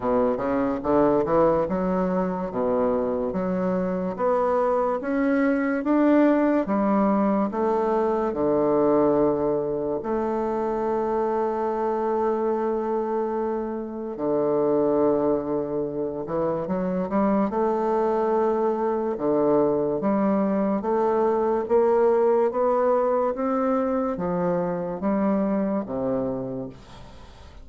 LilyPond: \new Staff \with { instrumentName = "bassoon" } { \time 4/4 \tempo 4 = 72 b,8 cis8 d8 e8 fis4 b,4 | fis4 b4 cis'4 d'4 | g4 a4 d2 | a1~ |
a4 d2~ d8 e8 | fis8 g8 a2 d4 | g4 a4 ais4 b4 | c'4 f4 g4 c4 | }